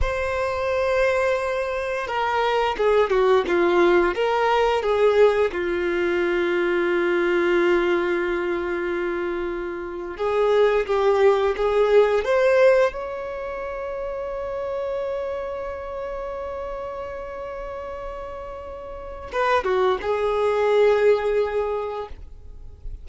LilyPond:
\new Staff \with { instrumentName = "violin" } { \time 4/4 \tempo 4 = 87 c''2. ais'4 | gis'8 fis'8 f'4 ais'4 gis'4 | f'1~ | f'2~ f'8. gis'4 g'16~ |
g'8. gis'4 c''4 cis''4~ cis''16~ | cis''1~ | cis''1 | b'8 fis'8 gis'2. | }